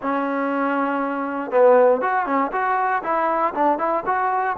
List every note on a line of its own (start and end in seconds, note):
0.02 1.51 C#4
1.51 2.01 B3
2.01 2.26 F#4
2.26 2.51 C#4
2.51 3.02 F#4
3.03 3.53 E4
3.54 3.78 D4
3.78 4.03 E4
4.06 4.56 F#4